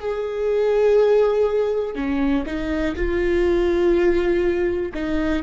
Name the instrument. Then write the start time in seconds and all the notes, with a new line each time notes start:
viola
0.00 G#4
1.96 C#4
2.46 D#4
2.96 F4
4.94 D#4